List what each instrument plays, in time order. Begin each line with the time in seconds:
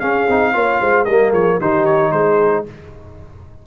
0.00 trombone C#4, tuba C#4, horn G#4, trumpet F5
0.29 tuba C4, trombone D#4
0.54 tuba A#3, trombone F4, horn C#5
0.81 tuba G#3, horn C5
1.05 tuba G3, trombone A#3, horn A#4, trumpet D#5
1.30 tuba F3, horn G#4, trumpet C#5
1.61 tuba D#3, trombone D#4, horn G4, trumpet C5
1.86 trumpet C#5
2.12 tuba G#3, horn G#4, trumpet C5